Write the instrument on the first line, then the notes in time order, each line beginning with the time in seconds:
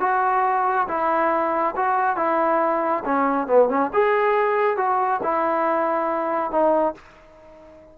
trombone
0.00 F#4
0.88 E4
1.76 F#4
2.16 E4
3.05 C#4
3.47 B3
3.69 C#4
3.93 G#4
4.77 F#4
5.23 E4
6.51 D#4